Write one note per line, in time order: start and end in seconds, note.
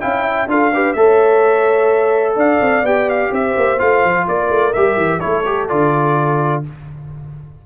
0.00 0.47 C#4
0.00 0.48 E4
0.00 0.24 F5
0.00 0.47 G5
0.24 0.48 E5
0.47 0.94 D4
0.47 0.72 F4
0.47 0.73 A4
0.47 0.93 F5
0.73 0.96 G4
0.73 0.96 B4
0.93 2.36 A3
0.93 2.85 A4
0.93 2.36 C#5
0.93 2.35 E5
2.36 2.60 D4
2.36 3.31 D5
2.36 2.86 F5
2.61 2.82 C4
2.82 3.30 B3
2.82 3.78 G4
2.82 3.09 G5
3.09 3.33 F5
3.31 3.55 C4
3.31 4.26 C5
3.31 3.79 E5
3.56 3.80 A#3
3.78 4.04 A3
3.78 4.72 F4
3.78 4.27 F5
4.04 4.27 F3
4.28 4.49 A#3
4.28 5.21 A#4
4.28 4.73 D5
4.49 4.73 A3
4.73 4.96 G3
4.73 5.20 G4
4.73 5.20 E5
4.96 5.20 E3
5.20 5.71 A3
5.20 5.44 E4
5.20 6.63 A4
5.20 5.67 C#5
5.45 5.69 G4
5.68 6.66 D3
5.68 6.63 F4
5.68 6.63 D5